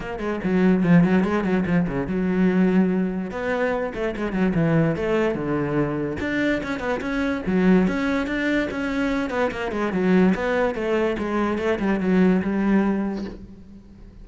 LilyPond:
\new Staff \with { instrumentName = "cello" } { \time 4/4 \tempo 4 = 145 ais8 gis8 fis4 f8 fis8 gis8 fis8 | f8 cis8 fis2. | b4. a8 gis8 fis8 e4 | a4 d2 d'4 |
cis'8 b8 cis'4 fis4 cis'4 | d'4 cis'4. b8 ais8 gis8 | fis4 b4 a4 gis4 | a8 g8 fis4 g2 | }